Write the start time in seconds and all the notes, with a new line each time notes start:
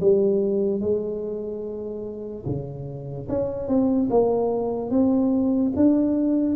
0.00 G3
0.80 G#3
2.45 C#3
3.28 C#4
3.68 C4
4.10 A#3
4.90 C4
5.75 D4